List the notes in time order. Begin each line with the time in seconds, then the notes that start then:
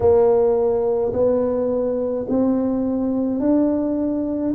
0.00 A#3
1.13 B3
2.28 C4
3.40 D4